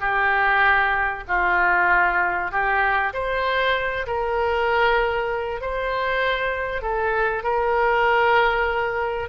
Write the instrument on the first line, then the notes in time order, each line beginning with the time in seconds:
oboe
0.00 G4
1.28 F4
2.51 G4
3.13 C5
4.07 A#4
5.61 C5
6.82 A4
7.44 A#4